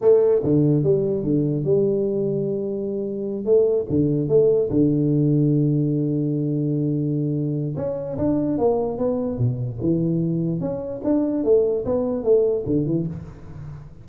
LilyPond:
\new Staff \with { instrumentName = "tuba" } { \time 4/4 \tempo 4 = 147 a4 d4 g4 d4 | g1~ | g8 a4 d4 a4 d8~ | d1~ |
d2. cis'4 | d'4 ais4 b4 b,4 | e2 cis'4 d'4 | a4 b4 a4 d8 e8 | }